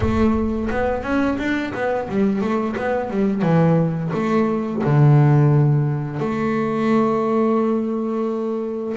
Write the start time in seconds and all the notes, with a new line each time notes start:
0.00 A3
0.70 B3
1.03 C#4
1.38 D4
1.74 B3
2.08 G3
2.41 A3
2.76 B3
3.09 G3
3.42 E3
4.13 A3
4.83 D3
6.19 A3